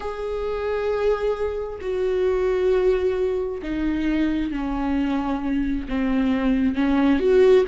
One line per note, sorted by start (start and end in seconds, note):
0.00 1.79 G#4
1.81 3.61 F#4
3.62 4.51 D#4
4.51 5.87 C#4
5.88 6.75 C4
6.75 7.19 C#4
7.19 7.64 F#4